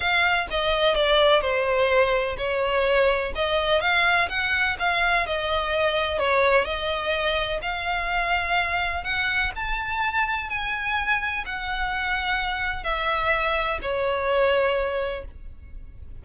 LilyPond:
\new Staff \with { instrumentName = "violin" } { \time 4/4 \tempo 4 = 126 f''4 dis''4 d''4 c''4~ | c''4 cis''2 dis''4 | f''4 fis''4 f''4 dis''4~ | dis''4 cis''4 dis''2 |
f''2. fis''4 | a''2 gis''2 | fis''2. e''4~ | e''4 cis''2. | }